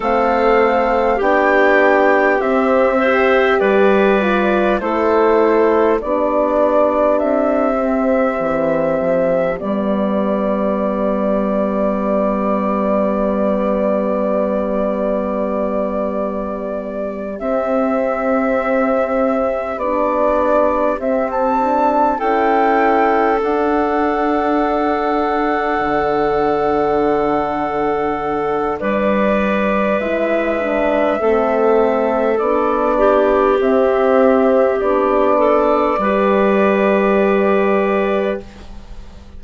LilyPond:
<<
  \new Staff \with { instrumentName = "flute" } { \time 4/4 \tempo 4 = 50 f''4 g''4 e''4 d''4 | c''4 d''4 e''2 | d''1~ | d''2~ d''8 e''4.~ |
e''8 d''4 e''16 a''8. g''4 fis''8~ | fis''1 | d''4 e''2 d''4 | e''4 d''2. | }
  \new Staff \with { instrumentName = "clarinet" } { \time 4/4 a'4 g'4. c''8 b'4 | a'4 g'2.~ | g'1~ | g'1~ |
g'2~ g'8 a'4.~ | a'1 | b'2 a'4. g'8~ | g'4. a'8 b'2 | }
  \new Staff \with { instrumentName = "horn" } { \time 4/4 c'4 d'4 c'8 g'4 f'8 | e'4 d'4. c'4. | b1~ | b2~ b8 c'4.~ |
c'8 d'4 c'8 d'8 e'4 d'8~ | d'1~ | d'4 e'8 d'8 c'4 d'4 | c'4 d'4 g'2 | }
  \new Staff \with { instrumentName = "bassoon" } { \time 4/4 a4 b4 c'4 g4 | a4 b4 c'4 e8 f8 | g1~ | g2~ g8 c'4.~ |
c'8 b4 c'4 cis'4 d'8~ | d'4. d2~ d8 | g4 gis4 a4 b4 | c'4 b4 g2 | }
>>